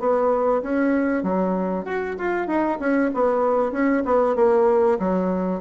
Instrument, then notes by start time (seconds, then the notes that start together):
bassoon
0.00 B3
0.63 C#4
1.24 F#3
1.86 F#4
2.19 F4
2.47 D#4
2.80 C#4
3.14 B3
3.72 C#4
4.06 B3
4.36 A#3
5.00 F#3